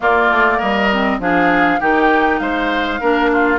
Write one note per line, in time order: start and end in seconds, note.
0.00 0.90 A#3
0.00 0.30 A#3
0.00 0.57 F4
0.00 0.60 D5
0.30 0.60 A3
0.57 1.19 G3
0.57 1.17 A#4
0.57 1.20 D#5
0.92 1.20 C4
1.19 1.79 F3
1.19 1.80 D4
1.19 1.80 G#4
1.19 1.80 F5
1.80 2.40 D#3
1.80 3.00 D#4
1.80 2.40 G4
1.80 2.39 G5
2.39 3.00 G#3
2.39 3.00 C5
2.39 3.59 F5
3.00 3.59 A#3
3.00 3.59 D4
3.00 3.30 A#4
3.32 3.59 F4